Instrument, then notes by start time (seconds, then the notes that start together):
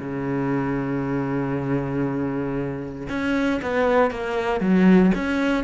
cello
0.00 C#3
3.09 C#4
3.62 B3
4.11 A#3
4.61 F#3
5.15 C#4